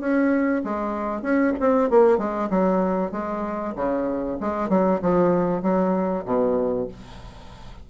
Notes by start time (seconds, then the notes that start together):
0.00 C#4
0.64 G#3
1.22 C#4
1.60 C4
1.90 A#3
2.18 G#3
2.50 F#3
3.12 G#3
3.76 C#3
4.40 G#3
4.69 F#3
5.02 F3
5.62 F#3
6.25 B2